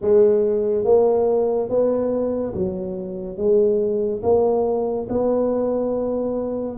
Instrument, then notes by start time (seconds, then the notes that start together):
tuba
0.01 G#3
0.84 A#3
1.69 B3
2.54 F#3
3.37 G#3
4.23 A#3
5.09 B3